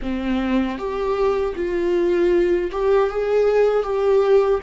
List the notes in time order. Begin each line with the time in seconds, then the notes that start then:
0.02 C4
0.77 G4
1.55 F4
2.71 G4
3.09 G#4
3.83 G4